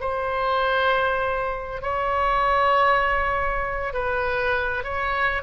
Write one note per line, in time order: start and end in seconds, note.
0.00 1.82 C5
1.82 3.93 C#5
3.93 4.84 B4
4.84 5.42 C#5